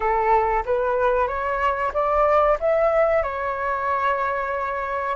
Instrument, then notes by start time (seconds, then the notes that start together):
flute
0.00 A4
0.65 B4
1.27 C#5
1.93 D5
2.60 E5
3.23 C#5